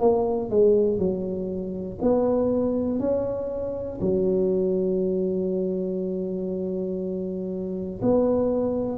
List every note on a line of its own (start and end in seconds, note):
0.00 0.50 A#3
0.50 0.99 G#3
0.99 1.99 F#3
2.01 3.00 B3
3.00 4.00 C#4
4.00 8.00 F#3
8.02 8.98 B3